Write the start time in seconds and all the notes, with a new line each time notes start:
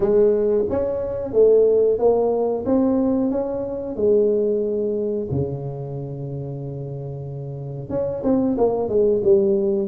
0.00 G#3
0.69 C#4
1.32 A3
1.98 A#3
2.65 C4
3.30 C#4
3.96 G#3
5.30 C#3
7.89 C#4
8.23 C4
8.57 A#3
8.88 G#3
9.23 G3